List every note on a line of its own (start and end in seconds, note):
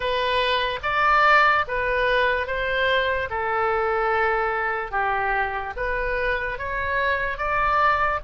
0.00 0.79 B4
0.83 1.65 D5
1.67 2.47 B4
2.47 3.29 C5
3.30 4.91 A4
4.91 5.73 G4
5.76 6.58 B4
6.58 7.37 C#5
7.37 8.19 D5